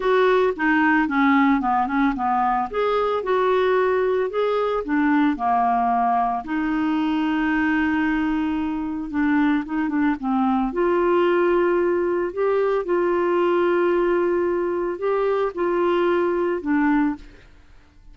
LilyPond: \new Staff \with { instrumentName = "clarinet" } { \time 4/4 \tempo 4 = 112 fis'4 dis'4 cis'4 b8 cis'8 | b4 gis'4 fis'2 | gis'4 d'4 ais2 | dis'1~ |
dis'4 d'4 dis'8 d'8 c'4 | f'2. g'4 | f'1 | g'4 f'2 d'4 | }